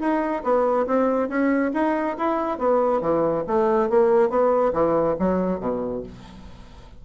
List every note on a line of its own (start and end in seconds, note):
0.00 0.43 D#4
0.43 0.86 B3
0.87 1.29 C4
1.29 1.71 C#4
1.74 2.17 D#4
2.17 2.58 E4
2.58 3.01 B3
3.01 3.44 E3
3.47 3.90 A3
3.90 4.29 A#3
4.29 4.72 B3
4.73 5.16 E3
5.19 5.60 F#3
5.60 6.03 B2